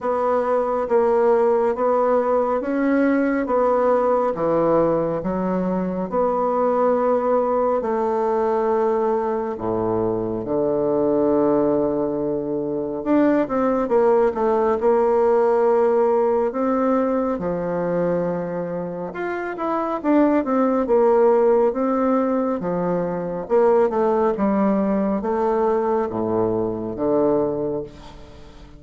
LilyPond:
\new Staff \with { instrumentName = "bassoon" } { \time 4/4 \tempo 4 = 69 b4 ais4 b4 cis'4 | b4 e4 fis4 b4~ | b4 a2 a,4 | d2. d'8 c'8 |
ais8 a8 ais2 c'4 | f2 f'8 e'8 d'8 c'8 | ais4 c'4 f4 ais8 a8 | g4 a4 a,4 d4 | }